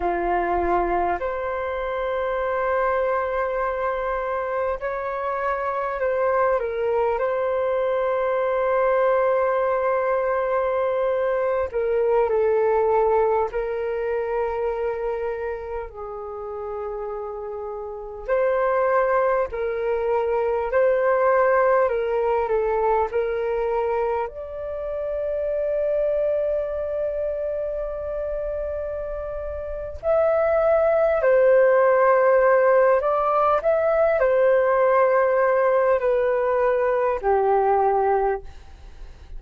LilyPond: \new Staff \with { instrumentName = "flute" } { \time 4/4 \tempo 4 = 50 f'4 c''2. | cis''4 c''8 ais'8 c''2~ | c''4.~ c''16 ais'8 a'4 ais'8.~ | ais'4~ ais'16 gis'2 c''8.~ |
c''16 ais'4 c''4 ais'8 a'8 ais'8.~ | ais'16 d''2.~ d''8.~ | d''4 e''4 c''4. d''8 | e''8 c''4. b'4 g'4 | }